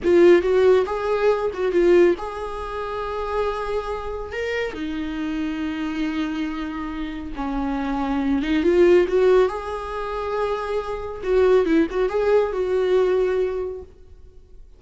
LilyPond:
\new Staff \with { instrumentName = "viola" } { \time 4/4 \tempo 4 = 139 f'4 fis'4 gis'4. fis'8 | f'4 gis'2.~ | gis'2 ais'4 dis'4~ | dis'1~ |
dis'4 cis'2~ cis'8 dis'8 | f'4 fis'4 gis'2~ | gis'2 fis'4 e'8 fis'8 | gis'4 fis'2. | }